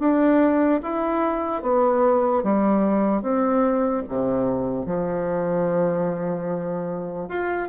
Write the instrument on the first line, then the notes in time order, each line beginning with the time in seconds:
bassoon
0.00 D4
0.83 E4
1.63 B3
2.44 G3
3.22 C4
4.09 C3
4.86 F3
7.29 F4